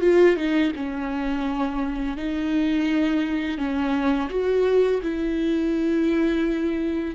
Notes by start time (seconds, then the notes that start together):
0.00 F4
0.36 D#4
0.75 C#4
2.17 D#4
3.57 C#4
4.29 F#4
5.02 E4